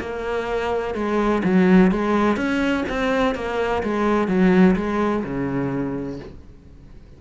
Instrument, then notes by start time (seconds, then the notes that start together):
cello
0.00 A#3
0.94 G#3
1.44 F#3
1.91 G#3
2.37 C#4
2.89 C4
3.35 A#3
3.83 G#3
4.28 F#3
4.76 G#3
5.24 C#3